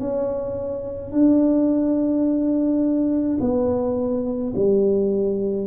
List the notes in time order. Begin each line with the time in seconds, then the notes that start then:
0.00 C#4
1.12 D4
3.40 B3
4.55 G3